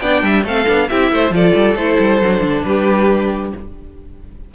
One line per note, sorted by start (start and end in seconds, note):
0.00 0.23 B3
0.00 0.46 D4
0.00 0.24 D5
0.00 0.44 G5
0.23 0.45 G3
0.23 0.45 E5
0.45 0.67 A3
0.45 0.67 C4
0.45 0.88 A4
0.45 0.89 F5
0.67 0.90 B3
0.67 0.89 D4
0.89 1.12 C4
0.89 1.32 E4
0.89 1.13 G4
0.89 1.33 E5
1.12 1.31 A3
1.12 1.35 C5
1.31 1.53 F3
1.31 1.76 F4
1.31 2.67 A4
1.31 1.77 D5
1.56 1.75 G3
1.75 1.97 A3
1.75 2.23 E4
1.75 2.64 C5
2.00 2.22 G3
2.22 2.42 F#3
2.22 3.55 D4
2.42 2.64 D3
2.64 3.53 G3
2.64 3.55 G4
2.64 3.52 B4